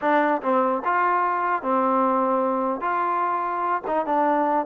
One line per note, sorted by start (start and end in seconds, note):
0.01 0.41 D4
0.42 0.82 C4
0.85 1.62 F4
1.62 2.80 C4
2.80 3.82 F4
3.87 4.06 D#4
4.06 4.66 D4